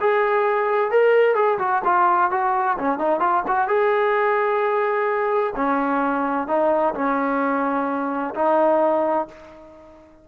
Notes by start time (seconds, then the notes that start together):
0.00 G#4
0.91 A#4
1.35 G#4
1.59 F#4
1.85 F4
2.31 F#4
2.78 C#4
2.98 D#4
3.20 F4
3.47 F#4
3.68 G#4
5.56 C#4
6.47 D#4
6.95 C#4
8.35 D#4